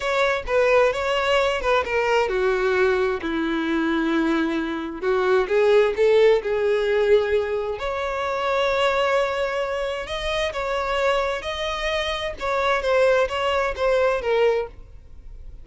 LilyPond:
\new Staff \with { instrumentName = "violin" } { \time 4/4 \tempo 4 = 131 cis''4 b'4 cis''4. b'8 | ais'4 fis'2 e'4~ | e'2. fis'4 | gis'4 a'4 gis'2~ |
gis'4 cis''2.~ | cis''2 dis''4 cis''4~ | cis''4 dis''2 cis''4 | c''4 cis''4 c''4 ais'4 | }